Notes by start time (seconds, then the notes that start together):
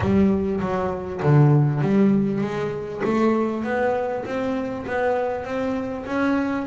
0.00 G3
0.60 F#3
1.23 D3
1.81 G3
2.41 G#3
3.04 A3
3.64 B3
4.25 C4
4.86 B3
5.44 C4
6.06 C#4